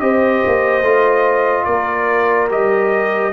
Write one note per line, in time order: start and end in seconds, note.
0.00 0.43 C4
0.00 0.83 G4
0.00 1.66 C5
0.00 1.65 D#5
0.46 0.82 A#3
0.82 1.66 A3
0.82 2.50 F4
1.65 2.51 A#3
1.65 3.33 A#4
1.65 2.48 D5
2.50 3.33 G3
2.50 3.33 G4
2.50 3.33 D#5